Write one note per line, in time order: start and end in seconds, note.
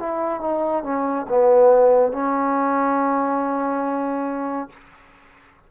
0.00 0.41 E4
0.41 0.84 D#4
0.84 1.27 C#4
1.29 2.13 B3
2.13 4.70 C#4